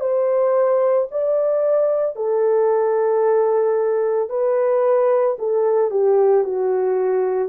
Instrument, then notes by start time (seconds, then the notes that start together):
horn
0.00 C5
1.11 D5
2.15 A4
4.29 B4
5.38 A4
5.90 G4
6.44 F#4